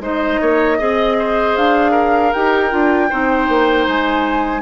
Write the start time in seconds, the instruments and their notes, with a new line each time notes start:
0.00 bassoon G#3, clarinet D#4, oboe C5, flute D#5
0.41 bassoon A#3, oboe C#5
0.78 bassoon C4, clarinet G#4, oboe D#5
1.19 oboe C5
1.57 bassoon D4, flute F5
1.92 oboe A#4
2.33 bassoon D#4, clarinet G4, flute G5
2.71 bassoon D4, clarinet F4
3.10 bassoon C4, clarinet D#4, oboe C5
3.49 bassoon A#3
3.87 bassoon G#3, flute G#5